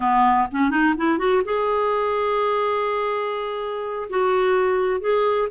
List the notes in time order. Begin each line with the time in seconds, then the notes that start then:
0.00 B3
0.51 C#4
0.70 D#4
0.97 E4
1.18 F#4
1.44 G#4
4.09 F#4
5.00 G#4